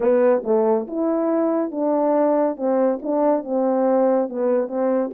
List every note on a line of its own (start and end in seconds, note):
0.00 0.42 B3
0.43 0.86 A3
0.87 1.71 E4
1.71 2.56 D4
2.56 2.99 C4
3.01 3.44 D4
3.44 4.29 C4
4.29 4.67 B3
4.67 5.10 C4